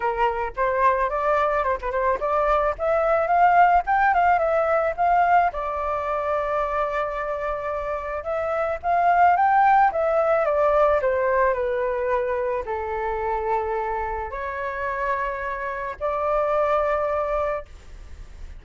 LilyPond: \new Staff \with { instrumentName = "flute" } { \time 4/4 \tempo 4 = 109 ais'4 c''4 d''4 c''16 b'16 c''8 | d''4 e''4 f''4 g''8 f''8 | e''4 f''4 d''2~ | d''2. e''4 |
f''4 g''4 e''4 d''4 | c''4 b'2 a'4~ | a'2 cis''2~ | cis''4 d''2. | }